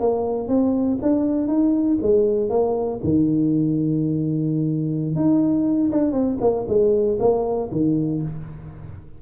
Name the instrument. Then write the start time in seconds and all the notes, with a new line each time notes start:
tuba
0.00 A#3
0.48 C4
1.02 D4
1.48 D#4
2.02 G#3
2.50 A#3
3.04 D#3
5.15 D#4
5.92 D4
6.13 C4
6.41 A#3
6.68 G#3
7.20 A#3
7.71 D#3